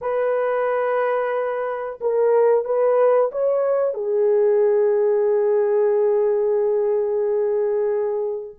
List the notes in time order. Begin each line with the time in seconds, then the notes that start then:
0.01 B4
2.00 A#4
2.64 B4
3.31 C#5
3.94 G#4